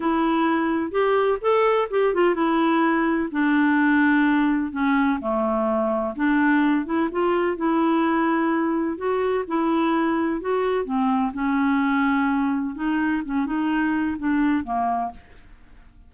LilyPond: \new Staff \with { instrumentName = "clarinet" } { \time 4/4 \tempo 4 = 127 e'2 g'4 a'4 | g'8 f'8 e'2 d'4~ | d'2 cis'4 a4~ | a4 d'4. e'8 f'4 |
e'2. fis'4 | e'2 fis'4 c'4 | cis'2. dis'4 | cis'8 dis'4. d'4 ais4 | }